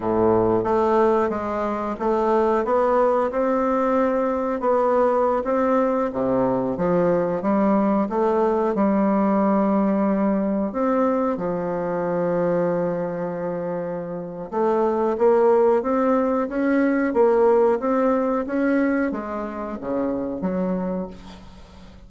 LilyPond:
\new Staff \with { instrumentName = "bassoon" } { \time 4/4 \tempo 4 = 91 a,4 a4 gis4 a4 | b4 c'2 b4~ | b16 c'4 c4 f4 g8.~ | g16 a4 g2~ g8.~ |
g16 c'4 f2~ f8.~ | f2 a4 ais4 | c'4 cis'4 ais4 c'4 | cis'4 gis4 cis4 fis4 | }